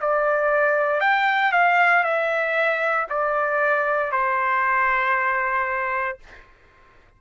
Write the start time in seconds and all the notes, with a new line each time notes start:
0.00 D5
1.00 G5
1.52 F5
2.03 E5
3.09 D5
4.11 C5